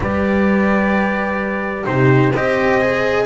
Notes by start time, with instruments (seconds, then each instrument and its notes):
0.00 double bass G3, cello G4, horn B4, trumpet D5
1.85 double bass C3, cello D#4, horn G4, trumpet C5
2.32 double bass C4, cello G4, horn C5, trumpet D#5
2.81 cello G#4